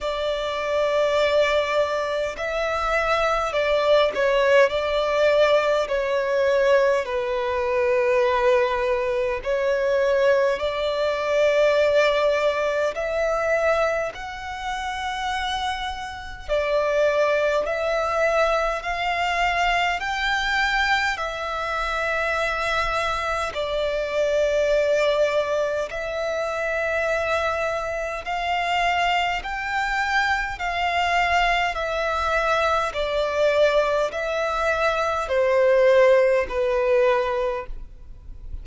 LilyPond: \new Staff \with { instrumentName = "violin" } { \time 4/4 \tempo 4 = 51 d''2 e''4 d''8 cis''8 | d''4 cis''4 b'2 | cis''4 d''2 e''4 | fis''2 d''4 e''4 |
f''4 g''4 e''2 | d''2 e''2 | f''4 g''4 f''4 e''4 | d''4 e''4 c''4 b'4 | }